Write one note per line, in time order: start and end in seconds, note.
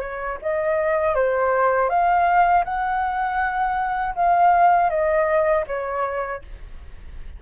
0.00 0.38 C#5
0.42 1.15 D#5
1.15 1.89 C5
1.89 2.64 F5
2.64 4.14 F#5
4.15 4.90 F5
4.90 5.65 D#5
5.67 6.42 C#5